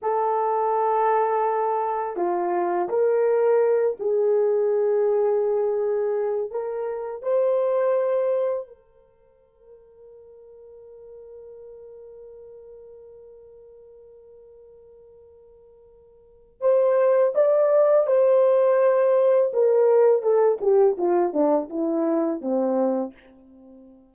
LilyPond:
\new Staff \with { instrumentName = "horn" } { \time 4/4 \tempo 4 = 83 a'2. f'4 | ais'4. gis'2~ gis'8~ | gis'4 ais'4 c''2 | ais'1~ |
ais'1~ | ais'2. c''4 | d''4 c''2 ais'4 | a'8 g'8 f'8 d'8 e'4 c'4 | }